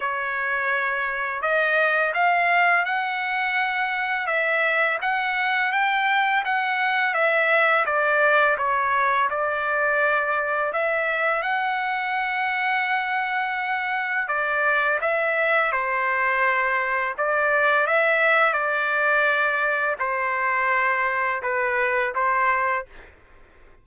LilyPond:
\new Staff \with { instrumentName = "trumpet" } { \time 4/4 \tempo 4 = 84 cis''2 dis''4 f''4 | fis''2 e''4 fis''4 | g''4 fis''4 e''4 d''4 | cis''4 d''2 e''4 |
fis''1 | d''4 e''4 c''2 | d''4 e''4 d''2 | c''2 b'4 c''4 | }